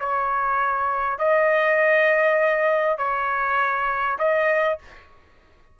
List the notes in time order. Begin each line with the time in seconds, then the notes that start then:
0.00 C#5
1.19 D#5
2.98 C#5
4.19 D#5